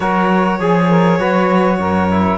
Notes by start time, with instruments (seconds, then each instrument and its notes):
0.00 cello F#3, trombone F#4, saxophone A#4, violin C#5
0.59 cello F3, trombone G#4, saxophone G#4
0.89 saxophone A#4
1.18 cello F#3, trombone F#4, saxophone B4
1.78 cello F#2, saxophone A#4
2.10 trombone E4